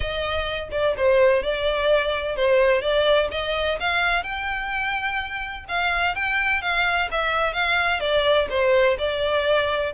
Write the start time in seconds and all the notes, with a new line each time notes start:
0.00 D#5
0.71 D5
0.97 C5
1.42 D5
2.36 C5
2.81 D5
3.31 D#5
3.80 F5
4.23 G5
5.68 F5
6.15 G5
6.61 F5
7.11 E5
7.53 F5
8.00 D5
8.50 C5
8.98 D5